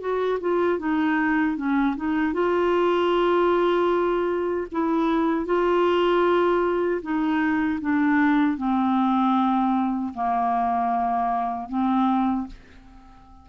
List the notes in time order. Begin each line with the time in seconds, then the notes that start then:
0.00 F#4
0.40 F4
0.79 D#4
1.57 C#4
1.96 D#4
2.33 F4
4.71 E4
5.45 F4
7.02 D#4
7.81 D4
8.57 C4
10.14 A#3
11.69 C4